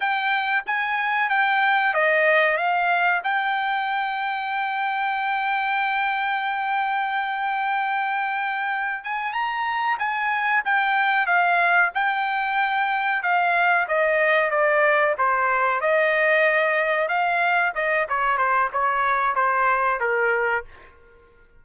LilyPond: \new Staff \with { instrumentName = "trumpet" } { \time 4/4 \tempo 4 = 93 g''4 gis''4 g''4 dis''4 | f''4 g''2.~ | g''1~ | g''2 gis''8 ais''4 gis''8~ |
gis''8 g''4 f''4 g''4.~ | g''8 f''4 dis''4 d''4 c''8~ | c''8 dis''2 f''4 dis''8 | cis''8 c''8 cis''4 c''4 ais'4 | }